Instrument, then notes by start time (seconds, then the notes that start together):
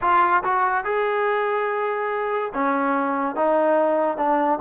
trombone
0.01 F4
0.43 F#4
0.84 G#4
2.54 C#4
3.35 D#4
4.17 D4